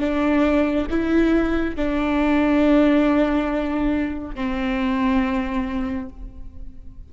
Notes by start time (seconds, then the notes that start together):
0.00 D4
0.90 E4
1.76 D4
4.35 C4